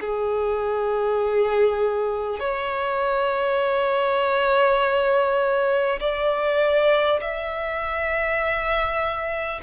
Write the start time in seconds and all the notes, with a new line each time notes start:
0.00 G#4
2.39 C#5
5.99 D5
7.20 E5